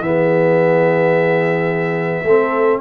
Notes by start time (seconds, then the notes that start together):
0.00 E3 B3 E5
0.06 G#4
2.24 A3 C4 A4